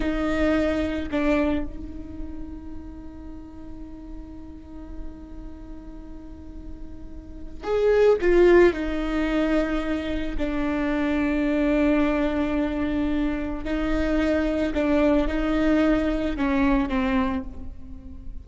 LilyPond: \new Staff \with { instrumentName = "viola" } { \time 4/4 \tempo 4 = 110 dis'2 d'4 dis'4~ | dis'1~ | dis'1~ | dis'2 gis'4 f'4 |
dis'2. d'4~ | d'1~ | d'4 dis'2 d'4 | dis'2 cis'4 c'4 | }